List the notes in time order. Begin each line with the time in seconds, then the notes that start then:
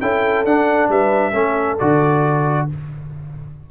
0.00 C#4 E4 A4 G5
0.44 D4 F#5
0.88 G3 B4 E5
1.32 A3 C#4 A4
1.78 D3 F#4 D5